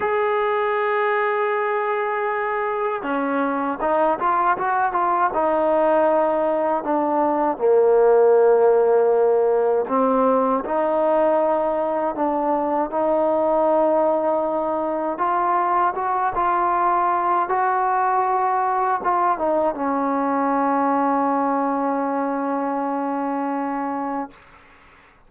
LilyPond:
\new Staff \with { instrumentName = "trombone" } { \time 4/4 \tempo 4 = 79 gis'1 | cis'4 dis'8 f'8 fis'8 f'8 dis'4~ | dis'4 d'4 ais2~ | ais4 c'4 dis'2 |
d'4 dis'2. | f'4 fis'8 f'4. fis'4~ | fis'4 f'8 dis'8 cis'2~ | cis'1 | }